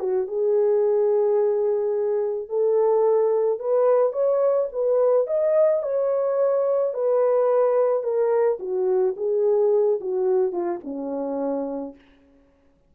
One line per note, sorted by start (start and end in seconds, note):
0.00 0.28 F#4
0.28 2.49 G#4
2.49 3.60 A4
3.60 4.13 B4
4.13 4.69 C#5
4.73 5.27 B4
5.27 5.83 D#5
5.83 6.94 C#5
6.94 8.04 B4
8.04 8.59 A#4
8.60 9.15 F#4
9.17 10.01 G#4
10.01 10.53 F#4
10.53 10.81 F4
10.84 11.95 C#4